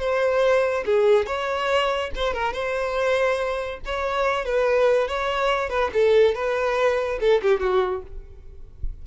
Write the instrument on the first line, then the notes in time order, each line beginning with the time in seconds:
violin
0.00 C5
0.85 G#4
1.27 C#5
2.15 C5
2.34 A#4
2.53 C5
3.86 C#5
4.45 B4
5.08 C#5
5.70 B4
5.94 A4
6.35 B4
7.20 A4
7.43 G4
7.60 F#4